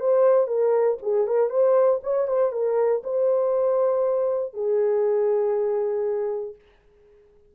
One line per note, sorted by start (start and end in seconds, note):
0.00 0.47 C5
0.47 0.97 A#4
1.02 1.27 G#4
1.27 1.50 A#4
1.50 2.00 C5
2.03 2.28 C#5
2.28 2.52 C5
2.52 3.02 A#4
3.03 4.53 C5
4.53 6.55 G#4